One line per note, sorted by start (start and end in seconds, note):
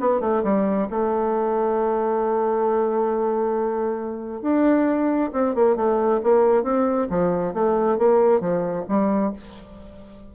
0.00 0.21 B3
0.21 0.43 A3
0.44 0.88 G3
0.90 4.42 A3
4.42 5.31 D4
5.33 5.55 C4
5.55 5.76 A#3
5.76 6.21 A3
6.23 6.63 A#3
6.63 7.08 C4
7.10 7.54 F3
7.54 7.98 A3
7.98 8.40 A#3
8.40 8.85 F3
8.89 9.33 G3